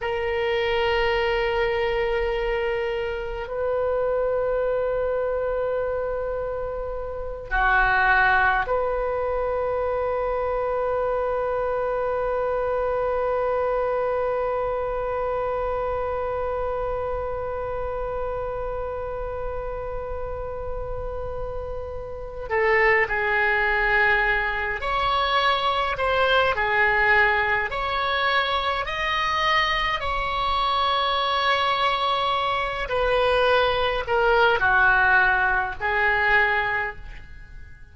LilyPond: \new Staff \with { instrumentName = "oboe" } { \time 4/4 \tempo 4 = 52 ais'2. b'4~ | b'2~ b'8 fis'4 b'8~ | b'1~ | b'1~ |
b'2.~ b'8 a'8 | gis'4. cis''4 c''8 gis'4 | cis''4 dis''4 cis''2~ | cis''8 b'4 ais'8 fis'4 gis'4 | }